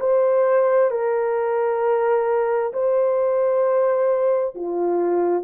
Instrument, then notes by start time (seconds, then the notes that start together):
horn
0.00 C5
0.91 A#4
2.73 C5
4.55 F4